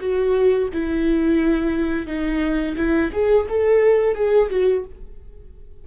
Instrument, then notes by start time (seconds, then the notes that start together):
viola
0.00 F#4
0.73 E4
2.07 D#4
2.77 E4
3.13 G#4
3.49 A4
4.15 G#4
4.50 F#4